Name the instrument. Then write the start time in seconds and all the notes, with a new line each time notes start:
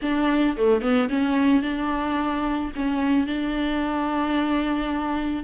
viola
0.01 D4
0.56 A3
0.81 B3
1.09 C#4
1.62 D4
2.75 C#4
3.26 D4